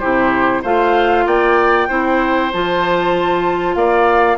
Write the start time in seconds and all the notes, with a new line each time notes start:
0.00 C3 E4 G4 C5
0.63 A3 F4 C5 F5
1.26 A#3 D5 G5
1.89 C4 E4 C5
2.53 F3 F4 A5
3.75 A#3 D5 F5